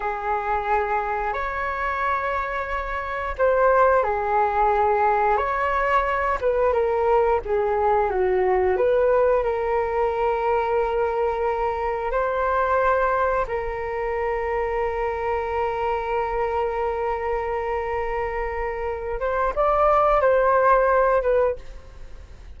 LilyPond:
\new Staff \with { instrumentName = "flute" } { \time 4/4 \tempo 4 = 89 gis'2 cis''2~ | cis''4 c''4 gis'2 | cis''4. b'8 ais'4 gis'4 | fis'4 b'4 ais'2~ |
ais'2 c''2 | ais'1~ | ais'1~ | ais'8 c''8 d''4 c''4. b'8 | }